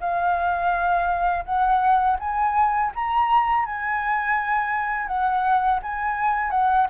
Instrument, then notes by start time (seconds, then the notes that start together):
flute
0.00 F5
1.45 F#5
2.19 G#5
2.95 A#5
3.65 G#5
5.07 F#5
5.83 G#5
6.51 F#5